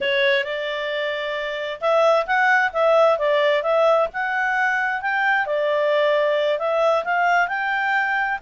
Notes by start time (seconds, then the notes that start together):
0.00 C#5
0.43 D5
1.80 E5
2.26 F#5
2.72 E5
3.18 D5
3.62 E5
4.13 F#5
5.01 G5
5.45 D5
6.58 E5
7.04 F5
7.48 G5